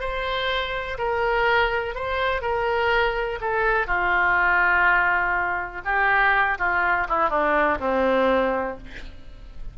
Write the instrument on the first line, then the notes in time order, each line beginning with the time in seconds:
oboe
0.00 C5
0.98 A#4
1.95 C5
2.42 A#4
3.41 A4
3.87 F4
5.85 G4
6.59 F4
7.09 E4
7.29 D4
7.80 C4